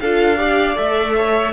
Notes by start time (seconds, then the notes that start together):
0.00 D4 F4 A4 F5
0.36 G4 D5
0.75 A3 A4 E5
1.17 C#5